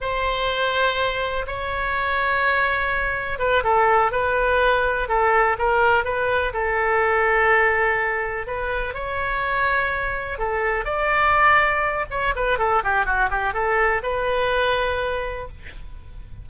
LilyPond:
\new Staff \with { instrumentName = "oboe" } { \time 4/4 \tempo 4 = 124 c''2. cis''4~ | cis''2. b'8 a'8~ | a'8 b'2 a'4 ais'8~ | ais'8 b'4 a'2~ a'8~ |
a'4. b'4 cis''4.~ | cis''4. a'4 d''4.~ | d''4 cis''8 b'8 a'8 g'8 fis'8 g'8 | a'4 b'2. | }